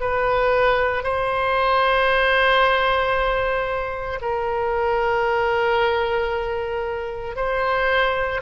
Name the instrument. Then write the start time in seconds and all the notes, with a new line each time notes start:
oboe
0.00 B4
1.03 C5
4.21 A#4
7.35 C5